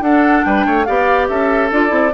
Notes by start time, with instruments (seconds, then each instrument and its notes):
0.00 bassoon D4, clarinet D4, oboe A4, flute F#5
0.44 bassoon G3, oboe B4, flute G5
0.66 bassoon A3, oboe C#5
0.85 bassoon B3, clarinet G4, oboe D5, flute F5
1.28 bassoon C#4, oboe A4, flute E5
1.71 bassoon D4, clarinet F4, flute D5
1.89 bassoon C4, clarinet E4